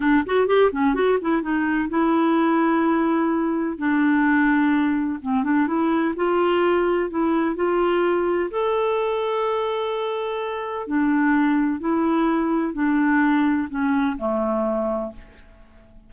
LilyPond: \new Staff \with { instrumentName = "clarinet" } { \time 4/4 \tempo 4 = 127 d'8 fis'8 g'8 cis'8 fis'8 e'8 dis'4 | e'1 | d'2. c'8 d'8 | e'4 f'2 e'4 |
f'2 a'2~ | a'2. d'4~ | d'4 e'2 d'4~ | d'4 cis'4 a2 | }